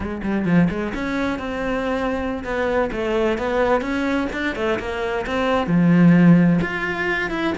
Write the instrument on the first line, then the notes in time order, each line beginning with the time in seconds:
cello
0.00 G#3
0.23 G3
0.45 F3
0.70 G#3
0.94 C#4
1.38 C4
2.43 B3
2.92 A3
3.38 B3
3.81 C#4
4.33 D4
4.55 A3
4.79 A#3
5.26 C4
5.66 F3
6.61 F4
7.30 E4